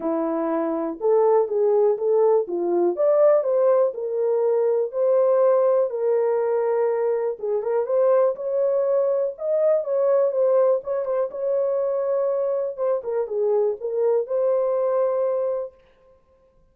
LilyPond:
\new Staff \with { instrumentName = "horn" } { \time 4/4 \tempo 4 = 122 e'2 a'4 gis'4 | a'4 f'4 d''4 c''4 | ais'2 c''2 | ais'2. gis'8 ais'8 |
c''4 cis''2 dis''4 | cis''4 c''4 cis''8 c''8 cis''4~ | cis''2 c''8 ais'8 gis'4 | ais'4 c''2. | }